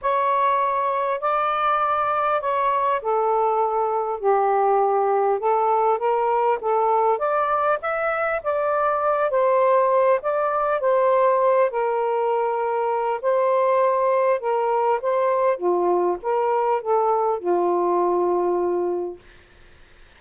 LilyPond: \new Staff \with { instrumentName = "saxophone" } { \time 4/4 \tempo 4 = 100 cis''2 d''2 | cis''4 a'2 g'4~ | g'4 a'4 ais'4 a'4 | d''4 e''4 d''4. c''8~ |
c''4 d''4 c''4. ais'8~ | ais'2 c''2 | ais'4 c''4 f'4 ais'4 | a'4 f'2. | }